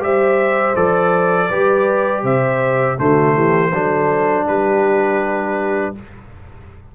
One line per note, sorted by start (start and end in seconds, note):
0.00 0.75 G3
0.00 0.74 G4
0.00 1.48 C5
0.00 0.75 E5
0.75 1.50 F3
0.75 1.50 A4
0.75 2.24 D5
1.48 2.23 G3
1.48 2.98 G4
1.48 2.22 B4
2.22 2.97 C3
2.22 2.96 C5
2.22 2.99 E5
2.98 3.36 D3
2.98 3.72 A3
2.98 3.35 F#4
2.98 4.47 C5
3.35 3.72 E3
3.35 3.72 G4
3.72 4.46 F#3
3.72 5.95 D4
3.72 4.45 A4
4.45 5.94 G3
4.45 5.93 G4
4.45 5.95 B4